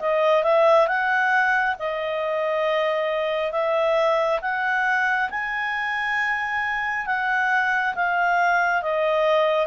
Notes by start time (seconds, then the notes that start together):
0.00 D#5
0.44 E5
0.87 F#5
1.79 D#5
3.52 E5
4.42 F#5
5.31 G#5
7.07 F#5
7.95 F5
8.83 D#5